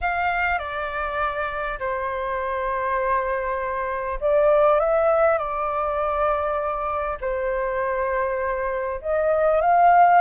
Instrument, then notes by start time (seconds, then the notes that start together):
flute
0.01 F5
0.58 D5
1.79 C5
4.20 D5
4.79 E5
5.38 D5
7.20 C5
9.01 D#5
9.61 F5